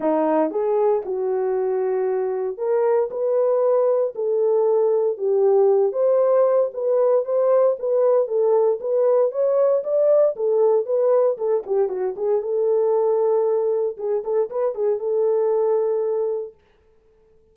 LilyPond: \new Staff \with { instrumentName = "horn" } { \time 4/4 \tempo 4 = 116 dis'4 gis'4 fis'2~ | fis'4 ais'4 b'2 | a'2 g'4. c''8~ | c''4 b'4 c''4 b'4 |
a'4 b'4 cis''4 d''4 | a'4 b'4 a'8 g'8 fis'8 gis'8 | a'2. gis'8 a'8 | b'8 gis'8 a'2. | }